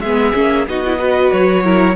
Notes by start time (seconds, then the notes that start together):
0.00 G#3 B3 G#4 E5
0.34 A#3 C#4
0.67 B3 D#4 F#4 D#5
0.85 E4
0.99 F#4 B4
1.32 F#3 C#5
1.64 E4 A#4